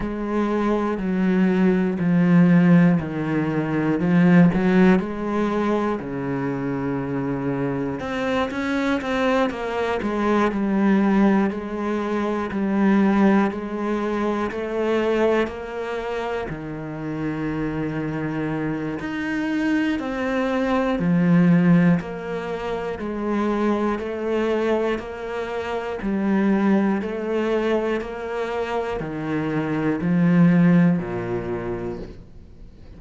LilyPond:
\new Staff \with { instrumentName = "cello" } { \time 4/4 \tempo 4 = 60 gis4 fis4 f4 dis4 | f8 fis8 gis4 cis2 | c'8 cis'8 c'8 ais8 gis8 g4 gis8~ | gis8 g4 gis4 a4 ais8~ |
ais8 dis2~ dis8 dis'4 | c'4 f4 ais4 gis4 | a4 ais4 g4 a4 | ais4 dis4 f4 ais,4 | }